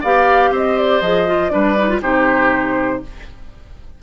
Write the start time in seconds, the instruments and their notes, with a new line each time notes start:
0.00 bassoon B3, clarinet G4, oboe D5, flute F5
0.50 bassoon C4, oboe C5
0.56 flute D#5
0.78 flute D5
1.01 bassoon F3, clarinet G#4, flute D#5
1.27 clarinet F4
1.50 bassoon G3, clarinet D4, oboe B4, flute D5
1.78 clarinet D#4
1.89 clarinet F4
2.01 bassoon C3, clarinet D#4, oboe G4, flute C5